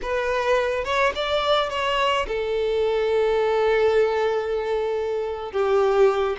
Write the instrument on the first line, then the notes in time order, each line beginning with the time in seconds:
violin
0.02 B4
0.84 C#5
1.15 D5
1.69 C#5
2.27 A4
5.52 G4